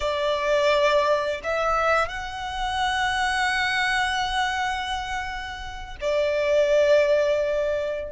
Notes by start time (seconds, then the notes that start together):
0.00 D5
1.43 E5
2.08 F#5
6.01 D5